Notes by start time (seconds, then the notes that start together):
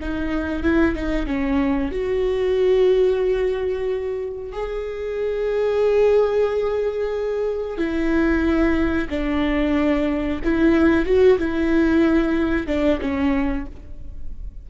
0.00 D#4
0.63 E4
0.95 D#4
1.26 C#4
1.91 F#4
4.52 G#4
7.78 E4
9.09 D4
10.44 E4
11.05 F#4
11.38 E4
12.67 D4
13.01 C#4